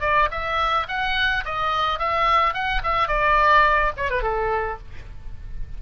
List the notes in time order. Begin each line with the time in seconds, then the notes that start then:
0.00 D5
0.31 E5
0.88 F#5
1.45 D#5
1.99 E5
2.53 F#5
2.83 E5
3.08 D5
3.97 C#5
4.10 B4
4.22 A4